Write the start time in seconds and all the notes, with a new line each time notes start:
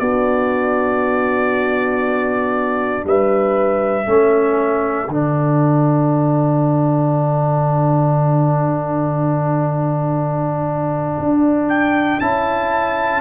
0.00 B3 D4 F#4 D5
3.05 G3 B4 E5
4.07 A3 C#4 A4
5.08 D3 D4 F#5
11.19 D4
11.69 G5
12.21 C#4 E4 A5